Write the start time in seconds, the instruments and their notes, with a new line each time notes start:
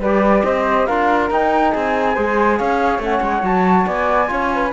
0.00 cello G3, trombone G4, flute B4 D5
0.44 cello C4, flute C5 D#5
0.87 cello D4, trombone F4, flute A#4 F5
1.31 cello D#4, trombone D#4, flute G5
1.72 cello C4, flute G#4 G#5
2.15 cello G#3, trombone G#4, flute C5
2.58 cello C#4, flute C#5 F5
2.99 cello A3, trombone C#4, flute F#5
3.22 cello G#3
3.43 cello F#3, trombone F#4, flute A5
3.87 cello B3, flute D5 G#5
4.28 cello C#4, trombone F4, flute C#5
4.54 flute B4